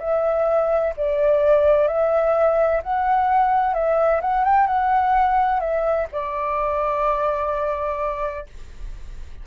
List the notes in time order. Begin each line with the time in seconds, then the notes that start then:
0.00 E5
0.97 D5
1.88 E5
2.83 F#5
3.74 E5
4.21 F#5
4.45 G5
4.67 F#5
5.60 E5
6.12 D5